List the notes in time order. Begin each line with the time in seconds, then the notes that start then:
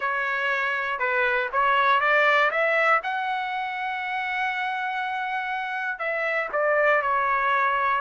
0.00 C#5
0.99 B4
1.52 C#5
2.00 D5
2.50 E5
3.03 F#5
5.98 E5
6.52 D5
7.02 C#5